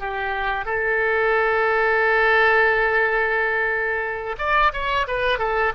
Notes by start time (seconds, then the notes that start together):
0.00 G4
0.66 A4
4.39 D5
4.73 C#5
5.08 B4
5.39 A4